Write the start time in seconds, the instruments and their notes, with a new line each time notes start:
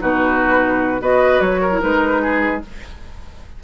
0.00 bassoon B2, clarinet D#4, oboe F#4, flute B4
1.00 bassoon B3, clarinet F#4, oboe B4, flute D#5
1.40 bassoon F#3, flute C#5
1.61 oboe A#4
1.71 clarinet E4
1.81 bassoon G#3, clarinet D#4, flute B4
2.22 oboe G#4